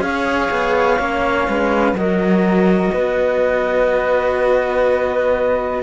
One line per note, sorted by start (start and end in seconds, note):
0.00 0.48 C#4
0.00 0.97 G#4
0.00 1.48 C#5
0.00 1.96 F5
0.51 0.99 B3
0.99 1.47 A#3
0.99 1.95 C#4
1.48 1.93 G#3
1.48 1.97 B4
1.93 2.90 F#3
1.93 5.83 F#4
1.93 2.93 A#4
1.93 5.83 D#5
2.93 5.83 B3
2.93 5.83 B4